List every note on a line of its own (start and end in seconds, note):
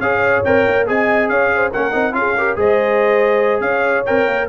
0.00 0.43 C#4
0.00 0.45 G#4
0.00 0.88 C#5
0.00 0.43 F5
0.45 0.67 C4
0.45 0.87 A#4
0.45 0.87 G5
0.68 0.89 A#3
0.87 1.30 C4
0.87 1.72 G#4
0.87 1.31 D#5
0.87 1.29 G#5
1.29 1.72 C#4
1.29 1.52 C#5
1.29 1.72 F5
1.55 1.71 C5
1.71 1.94 A#3
1.71 1.92 C#4
1.71 2.14 A#4
1.71 2.15 F#5
1.92 2.14 C4
1.92 2.13 D#4
2.13 2.56 C#4
2.13 2.34 F4
2.13 2.37 G#4
2.13 2.57 F5
2.37 2.56 G4
2.37 2.58 A#4
2.56 3.61 G#3
2.56 4.05 G#4
2.56 3.63 C5
2.56 3.61 D#5
3.61 4.03 C#4
3.61 4.48 C#5
3.61 4.04 F5
4.06 4.27 C4
4.06 4.50 A#4
4.06 4.48 G5
4.27 4.49 A#3